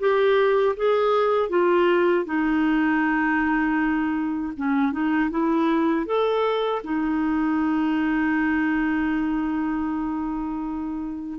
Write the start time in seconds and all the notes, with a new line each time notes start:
0.00 G4
0.77 G#4
1.49 F4
2.25 D#4
4.57 C#4
4.92 D#4
5.31 E4
6.06 A4
6.84 D#4